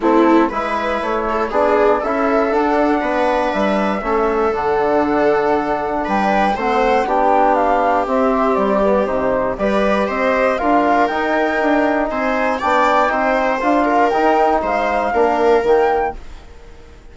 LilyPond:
<<
  \new Staff \with { instrumentName = "flute" } { \time 4/4 \tempo 4 = 119 a'4 b'4 cis''4 d''4 | e''4 fis''2 e''4~ | e''4 fis''2. | g''4 fis''4 g''4 f''4 |
e''4 d''4 c''4 d''4 | dis''4 f''4 g''2 | gis''4 g''2 f''4 | g''4 f''2 g''4 | }
  \new Staff \with { instrumentName = "viola" } { \time 4/4 e'4 b'4. a'8 gis'4 | a'2 b'2 | a'1 | b'4 c''4 g'2~ |
g'2. b'4 | c''4 ais'2. | c''4 d''4 c''4. ais'8~ | ais'4 c''4 ais'2 | }
  \new Staff \with { instrumentName = "trombone" } { \time 4/4 c'4 e'2 d'4 | e'4 d'2. | cis'4 d'2.~ | d'4 c'4 d'2 |
c'4. b8 dis'4 g'4~ | g'4 f'4 dis'2~ | dis'4 d'4 dis'4 f'4 | dis'2 d'4 ais4 | }
  \new Staff \with { instrumentName = "bassoon" } { \time 4/4 a4 gis4 a4 b4 | cis'4 d'4 b4 g4 | a4 d2. | g4 a4 b2 |
c'4 g4 c4 g4 | c'4 d'4 dis'4 d'4 | c'4 b4 c'4 d'4 | dis'4 gis4 ais4 dis4 | }
>>